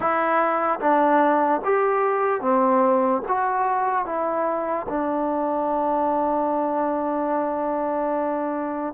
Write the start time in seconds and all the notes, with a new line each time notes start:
0.00 E4
0.80 D4
1.64 G4
2.41 C4
3.28 F#4
4.05 E4
4.89 D4